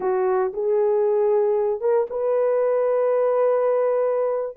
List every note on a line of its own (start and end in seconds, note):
0.00 0.52 F#4
0.53 1.80 G#4
1.80 2.06 A#4
2.10 4.56 B4